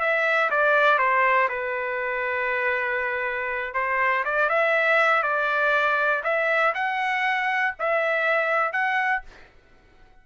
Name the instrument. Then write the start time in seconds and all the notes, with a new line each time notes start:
trumpet
0.00 E5
0.50 D5
0.98 C5
1.49 B4
3.74 C5
4.25 D5
4.49 E5
5.22 D5
6.23 E5
6.74 F#5
7.79 E5
8.72 F#5